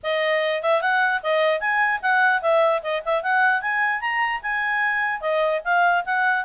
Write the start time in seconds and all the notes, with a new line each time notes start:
0.03 D#5
0.62 E5
0.81 F#5
1.22 D#5
1.60 G#5
2.02 F#5
2.42 E5
2.82 D#5
3.05 E5
3.22 F#5
3.61 G#5
4.00 A#5
4.42 G#5
5.21 D#5
5.64 F5
6.05 F#5